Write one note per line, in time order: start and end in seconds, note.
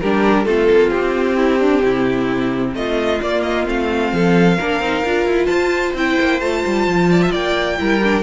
0.00 0.46 G3
0.00 0.46 D4
0.00 0.46 G4
0.00 0.46 A#4
0.46 0.69 A3
0.46 3.21 C4
0.46 1.36 F4
0.46 0.91 A4
0.71 0.91 A#3
0.91 1.82 C4
0.91 2.74 G4
1.36 1.59 E4
1.59 1.82 D4
1.83 2.75 C3
1.83 2.76 E4
2.75 3.20 A3
2.75 4.15 F4
2.75 3.21 D#5
3.22 3.67 A#3
3.22 3.66 A#3
3.22 3.42 D5
3.42 3.65 D#5
3.66 4.13 A3
3.66 4.58 C4
3.66 5.46 F5
4.13 4.58 F3
4.13 4.57 A4
4.57 4.80 A#3
4.57 4.83 D4
4.57 5.46 A#4
4.80 5.03 C4
4.80 5.05 D#4
5.05 5.26 D4
5.05 5.97 F4
5.26 5.49 E4
5.46 5.94 F4
5.46 7.06 C5
5.46 5.92 A5
5.94 6.17 C4
5.94 6.41 E4
5.94 6.40 G5
6.21 6.41 A#3
6.40 6.64 A3
6.40 7.78 F4
6.40 7.32 A5
6.66 6.87 G3
6.87 7.33 F3
7.11 7.22 D5
7.22 7.31 E5
7.31 7.79 A#3
7.31 7.77 D5
7.31 8.23 G5
7.78 8.23 G3
7.78 8.01 E4
7.78 8.23 A#4
8.04 8.23 D4